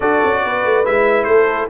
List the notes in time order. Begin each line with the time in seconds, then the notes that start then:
0.00 D4 F#4 A4 D5
0.24 C#4
0.43 B3 B4
0.64 A3
0.85 G#3 E4 E5
1.23 A3 A4 C5